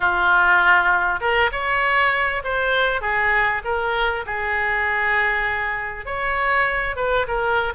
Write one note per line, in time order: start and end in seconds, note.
0.00 1.20 F4
1.20 1.50 A#4
1.52 2.42 C#5
2.44 3.01 C5
3.01 3.61 G#4
3.64 4.25 A#4
4.26 6.05 G#4
6.05 6.96 C#5
6.96 7.26 B4
7.27 7.73 A#4